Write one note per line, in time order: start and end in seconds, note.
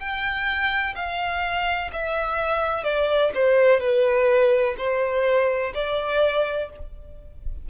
0.00 0.95 G5
0.96 1.91 F5
1.93 2.84 E5
2.84 3.32 D5
3.35 3.81 C5
3.81 4.76 B4
4.78 5.74 C5
5.75 6.70 D5